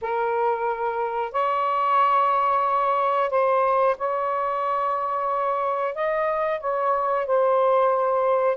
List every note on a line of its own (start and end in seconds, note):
0.01 1.32 A#4
1.32 3.30 C#5
3.30 3.96 C5
3.97 5.94 C#5
5.94 6.60 D#5
6.60 7.26 C#5
7.26 8.57 C5